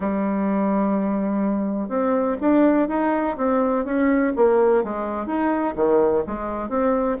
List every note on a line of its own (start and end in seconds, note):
0.00 1.89 G3
1.89 2.37 C4
2.40 2.88 D4
2.88 3.36 D#4
3.37 3.84 C4
3.84 4.32 C#4
4.36 4.83 A#3
4.83 5.26 G#3
5.26 5.74 D#4
5.75 6.23 D#3
6.26 6.69 G#3
6.69 7.17 C4